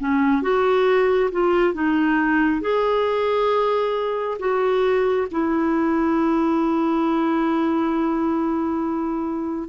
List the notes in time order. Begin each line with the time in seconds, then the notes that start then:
0.00 C#4
0.43 F#4
1.32 F4
1.74 D#4
2.61 G#4
4.40 F#4
5.31 E4